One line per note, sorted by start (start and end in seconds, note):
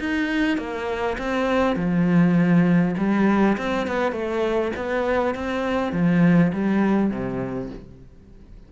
0.00 0.58 D#4
0.58 1.17 A#3
1.19 1.76 C4
1.76 2.95 F3
2.98 3.58 G3
3.58 3.87 C4
3.87 4.12 B3
4.12 4.72 A3
4.76 5.35 B3
5.35 5.93 C4
5.93 6.52 F3
6.53 7.11 G3
7.11 7.70 C3